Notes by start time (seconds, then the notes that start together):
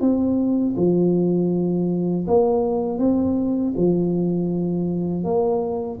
0.00 C4
0.76 F3
2.27 A#3
2.98 C4
3.77 F3
5.24 A#3